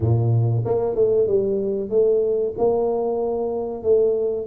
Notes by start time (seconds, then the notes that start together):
0.00 A#2
0.65 A#3
0.95 A3
1.27 G3
1.89 A3
2.58 A#3
3.83 A3